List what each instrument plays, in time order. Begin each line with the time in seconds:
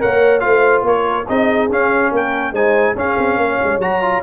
0.00 tuba A#3, trombone A#4, horn C#5, trumpet F#5
0.40 tuba A3, trombone F4, horn C5, trumpet F5
0.83 tuba A#3, horn A#4, trumpet C#5
1.29 tuba C4, trombone D#4, horn G#4, trumpet D#5
1.69 tuba C#4, trombone C#4, trumpet F5
2.12 tuba A#3, horn A#4, trumpet G5
2.53 tuba G#3, trombone D#4, horn C5, trumpet G#5
2.96 tuba C#4, trombone C#4, horn G#4, trumpet F5
3.18 tuba C4
3.37 tuba A#3, horn C#5
3.64 tuba G#3
3.79 tuba F#3, trombone F#4, trumpet A#5
4.02 trombone F4